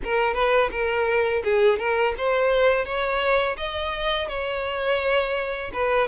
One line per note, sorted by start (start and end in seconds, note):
0.04 0.34 A#4
0.34 0.69 B4
0.71 1.43 A#4
1.44 1.79 G#4
1.79 2.14 A#4
2.17 2.85 C5
2.85 3.56 C#5
3.57 4.28 D#5
4.28 5.71 C#5
5.73 6.08 B4